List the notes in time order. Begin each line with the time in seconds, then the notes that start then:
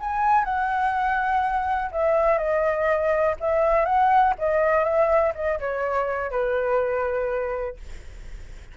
0.00 G#5
0.44 F#5
1.92 E5
2.38 D#5
3.40 E5
3.85 F#5
4.38 D#5
4.84 E5
5.35 D#5
5.59 C#5
6.30 B4